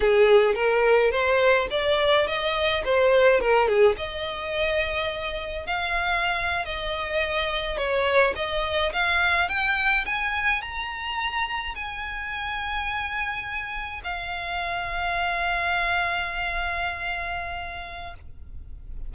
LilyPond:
\new Staff \with { instrumentName = "violin" } { \time 4/4 \tempo 4 = 106 gis'4 ais'4 c''4 d''4 | dis''4 c''4 ais'8 gis'8 dis''4~ | dis''2 f''4.~ f''16 dis''16~ | dis''4.~ dis''16 cis''4 dis''4 f''16~ |
f''8. g''4 gis''4 ais''4~ ais''16~ | ais''8. gis''2.~ gis''16~ | gis''8. f''2.~ f''16~ | f''1 | }